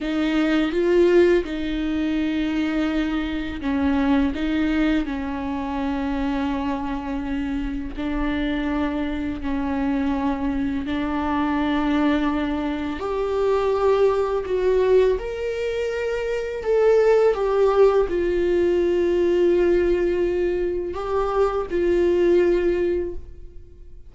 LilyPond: \new Staff \with { instrumentName = "viola" } { \time 4/4 \tempo 4 = 83 dis'4 f'4 dis'2~ | dis'4 cis'4 dis'4 cis'4~ | cis'2. d'4~ | d'4 cis'2 d'4~ |
d'2 g'2 | fis'4 ais'2 a'4 | g'4 f'2.~ | f'4 g'4 f'2 | }